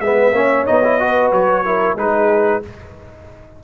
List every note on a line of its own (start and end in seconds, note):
0.00 0.32 G#3
0.00 0.33 B3
0.00 0.36 B4
0.00 0.65 E5
0.32 0.64 A#3
0.32 0.66 C#4
0.32 1.01 C#5
0.66 1.32 B3
0.66 0.82 D#4
0.66 1.31 D#5
0.84 0.99 E4
0.99 1.64 F#4
0.99 1.65 B4
1.32 1.95 F#3
1.32 1.97 C#5
1.64 1.97 E4
1.64 1.98 A#4
1.95 2.60 G#3
1.95 2.62 D#4
1.95 2.63 G#4
1.95 2.63 B4